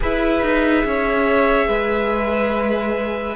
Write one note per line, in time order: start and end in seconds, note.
0.00 0.42 E4
0.00 3.35 G#4
0.00 0.85 B4
0.00 3.35 E5
0.42 0.84 D#4
0.84 1.67 C#4
0.84 1.68 C#5
1.67 3.35 G#3
1.67 3.35 B4